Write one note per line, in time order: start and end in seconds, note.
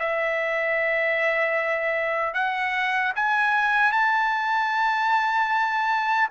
0.00 2.34 E5
2.34 3.13 F#5
3.16 3.93 G#5
3.93 6.29 A5